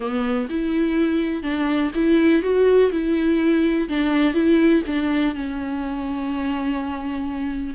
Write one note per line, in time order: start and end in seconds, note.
0.00 0.48 B3
0.49 1.42 E4
1.42 1.91 D4
1.95 2.42 E4
2.42 2.91 F#4
2.91 3.88 E4
3.88 4.34 D4
4.34 4.82 E4
4.86 5.34 D4
5.34 7.74 C#4